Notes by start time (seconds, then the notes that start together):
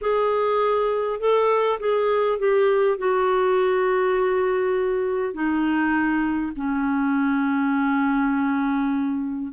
0.01 G#4
1.19 A4
1.79 G#4
2.38 G4
2.98 F#4
5.33 D#4
6.55 C#4